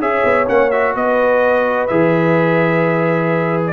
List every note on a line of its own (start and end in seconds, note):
0.00 0.23 C#4
0.00 0.47 G#4
0.00 0.96 C#5
0.00 0.48 E5
0.24 0.48 B3
0.47 0.95 A#3
0.47 0.71 C#4
0.47 0.71 F#5
0.71 1.89 F#4
0.71 0.94 E5
0.95 1.89 B3
0.95 3.73 B4
0.95 1.87 D#5
1.87 3.73 E3
1.87 3.73 G#4
1.87 3.63 E5
3.67 3.73 D5